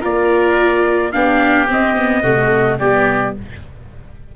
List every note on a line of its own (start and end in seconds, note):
0.00 1.14 A#3
0.00 1.12 F4
0.00 1.11 A#4
0.00 1.12 D5
1.12 1.71 B3
1.12 1.68 D4
1.12 2.22 G4
1.12 1.68 F5
1.68 1.95 C4
1.68 2.24 C4
1.68 2.79 D#5
1.96 2.24 B3
2.22 2.79 C3
2.22 2.79 A3
2.22 2.78 F#4
2.79 3.36 G3
2.79 3.36 B3
2.79 3.35 G4
2.79 3.35 D5